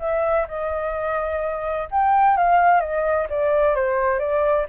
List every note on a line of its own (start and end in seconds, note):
0.00 0.47 E5
0.48 1.89 D#5
1.91 2.37 G5
2.37 2.81 F5
2.81 3.28 D#5
3.30 3.76 D5
3.76 4.20 C5
4.20 4.67 D5